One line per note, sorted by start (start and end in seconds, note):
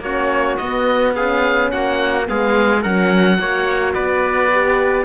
0.00 0.56 A#3
0.00 0.60 C#4
0.00 1.16 F#4
0.00 0.57 C#5
0.57 1.16 B3
0.57 1.72 B3
0.57 1.13 D#5
1.16 2.25 C#4
1.16 1.72 G#4
1.16 1.71 F5
1.71 2.29 A#3
1.71 2.29 F#4
1.71 2.27 F#5
2.25 2.85 G#3
2.25 2.81 B3
2.25 2.82 G#4
2.25 2.83 F5
2.82 3.39 F#3
2.82 3.39 C#4
2.82 3.38 A#4
2.82 3.94 F#5
3.39 3.95 A#3
3.39 4.52 F#4
3.39 3.95 C#5
3.94 5.05 B3
3.94 5.05 B4
3.94 5.05 D5
4.52 5.05 G4